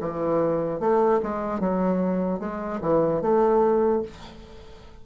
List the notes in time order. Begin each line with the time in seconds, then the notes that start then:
0.00 E3
0.79 A3
1.22 G#3
1.59 F#3
2.39 G#3
2.80 E3
3.21 A3